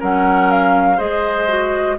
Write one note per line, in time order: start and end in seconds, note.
0.00 1.00 F#3
0.00 0.97 C#4
0.00 0.97 A#4
0.00 0.51 F#5
0.51 0.99 F5
0.97 1.98 G#3
0.97 1.47 G#4
0.97 1.95 C5
0.97 1.98 D#5
1.48 1.97 F#4